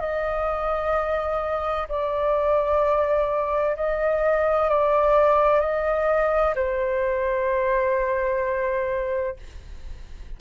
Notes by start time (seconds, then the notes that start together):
0.00 D#5
1.88 D5
3.76 D#5
4.69 D5
5.60 D#5
6.55 C5